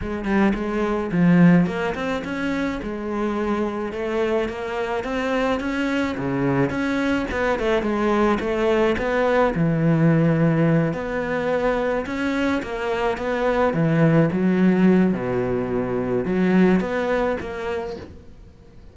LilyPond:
\new Staff \with { instrumentName = "cello" } { \time 4/4 \tempo 4 = 107 gis8 g8 gis4 f4 ais8 c'8 | cis'4 gis2 a4 | ais4 c'4 cis'4 cis4 | cis'4 b8 a8 gis4 a4 |
b4 e2~ e8 b8~ | b4. cis'4 ais4 b8~ | b8 e4 fis4. b,4~ | b,4 fis4 b4 ais4 | }